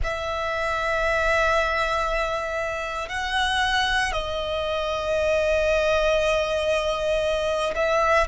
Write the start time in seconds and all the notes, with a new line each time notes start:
0.03 E5
3.08 F#5
4.12 D#5
7.75 E5